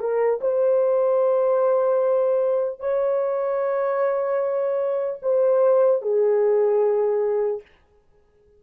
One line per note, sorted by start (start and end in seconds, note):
0.00 0.40 A#4
0.41 2.80 C5
2.80 5.20 C#5
5.23 6.02 C5
6.02 7.62 G#4